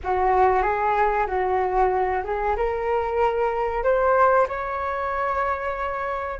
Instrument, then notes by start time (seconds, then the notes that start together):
flute
0.03 F#4
0.62 G#4
1.26 F#4
2.23 G#4
2.56 A#4
3.83 C5
4.48 C#5